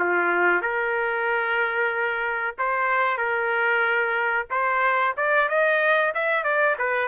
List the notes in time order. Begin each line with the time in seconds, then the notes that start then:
0.00 F4
0.62 A#4
2.59 C5
3.18 A#4
4.51 C5
5.17 D5
5.49 D#5
6.15 E5
6.44 D5
6.79 B4